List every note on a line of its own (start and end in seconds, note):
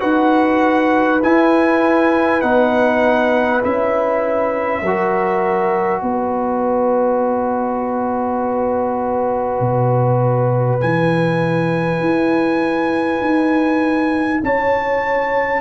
0.00 1.23 D#4
0.00 1.20 F#4
0.00 4.81 B4
0.00 1.21 F#5
1.23 2.42 E4
1.23 2.43 E4
1.23 2.41 G#5
2.41 3.63 B3
2.41 3.62 D#4
2.41 3.61 F#5
3.63 4.82 C#4
3.63 4.83 E4
3.63 6.01 E5
4.82 6.02 F#3
4.82 10.80 F#4
4.82 6.02 A#4
6.01 9.60 B3
6.01 14.42 B4
6.01 10.81 D#5
9.60 10.80 B2
10.80 12.00 E3
10.80 15.61 E4
10.80 14.41 G#5
12.00 13.20 E4
13.21 14.41 D#4
14.43 15.61 C#4
14.43 15.61 C#5
14.43 15.61 A5